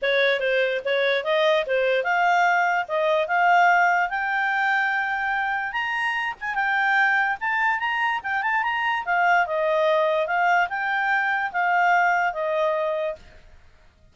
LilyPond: \new Staff \with { instrumentName = "clarinet" } { \time 4/4 \tempo 4 = 146 cis''4 c''4 cis''4 dis''4 | c''4 f''2 dis''4 | f''2 g''2~ | g''2 ais''4. gis''8 |
g''2 a''4 ais''4 | g''8 a''8 ais''4 f''4 dis''4~ | dis''4 f''4 g''2 | f''2 dis''2 | }